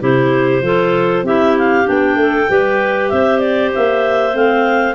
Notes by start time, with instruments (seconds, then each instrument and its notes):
0.00 tuba C3, clarinet E4 G4 C5
0.61 tuba F3, clarinet F4 A4
1.23 tuba C4, clarinet E4 G4 E5
1.58 clarinet F5
1.85 tuba B3, clarinet D4 G5
2.16 tuba A3, clarinet A4
2.49 tuba G3, clarinet G4 B4
3.09 tuba C4, clarinet C5 E5
3.39 clarinet D5
3.74 tuba A#3, clarinet E5
4.33 tuba A3, clarinet C4 F5